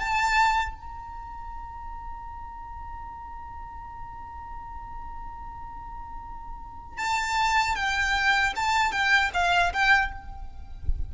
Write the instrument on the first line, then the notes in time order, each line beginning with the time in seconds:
violin
0.00 A5
0.76 A#5
6.98 A5
7.76 G5
8.56 A5
8.92 G5
9.34 F5
9.73 G5